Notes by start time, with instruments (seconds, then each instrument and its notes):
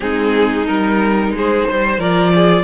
0.00 cello G#3, viola C4, violin D#4 G#4
0.66 cello G3, viola D#4, violin A#4
1.30 cello G#3, violin G#4
1.37 violin C5
1.68 cello G3, violin C5
1.98 cello F3, viola F4, violin A#4 D5
2.35 violin G#4